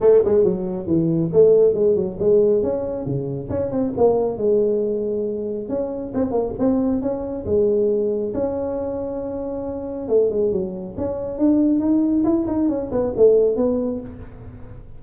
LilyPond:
\new Staff \with { instrumentName = "tuba" } { \time 4/4 \tempo 4 = 137 a8 gis8 fis4 e4 a4 | gis8 fis8 gis4 cis'4 cis4 | cis'8 c'8 ais4 gis2~ | gis4 cis'4 c'8 ais8 c'4 |
cis'4 gis2 cis'4~ | cis'2. a8 gis8 | fis4 cis'4 d'4 dis'4 | e'8 dis'8 cis'8 b8 a4 b4 | }